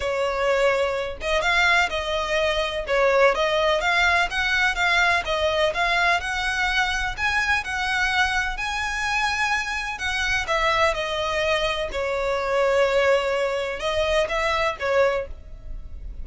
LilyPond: \new Staff \with { instrumentName = "violin" } { \time 4/4 \tempo 4 = 126 cis''2~ cis''8 dis''8 f''4 | dis''2 cis''4 dis''4 | f''4 fis''4 f''4 dis''4 | f''4 fis''2 gis''4 |
fis''2 gis''2~ | gis''4 fis''4 e''4 dis''4~ | dis''4 cis''2.~ | cis''4 dis''4 e''4 cis''4 | }